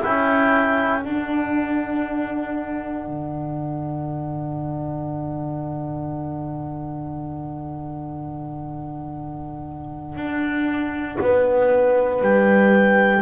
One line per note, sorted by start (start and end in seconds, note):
0.00 1.05 C#4
0.00 1.02 E4
0.00 11.19 A4
0.00 1.03 G5
1.02 13.22 D4
1.02 3.07 D4
1.02 12.22 F#5
3.07 10.16 D3
10.16 11.18 D4
11.21 12.22 B3
11.21 13.22 B4
12.22 13.22 G3
12.22 13.22 G5